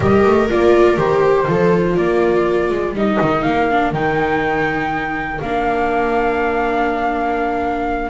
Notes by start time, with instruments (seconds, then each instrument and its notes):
0.00 double bass G3, viola G4 A#4, flute D#5
0.25 double bass A3
0.49 double bass A#3, viola F4, flute D5
0.96 double bass D#3, viola G4, flute C5
1.47 double bass F3, viola F4 A4
1.96 double bass A#3, viola A#4, flute D5
2.70 double bass G#3
2.93 double bass G3, viola D#4, flute D#5
3.21 double bass D#3
3.42 double bass A#3, flute F5
3.70 viola D4
3.92 double bass D#3, viola D#4, flute G5
5.40 double bass A#3, viola D4, flute F5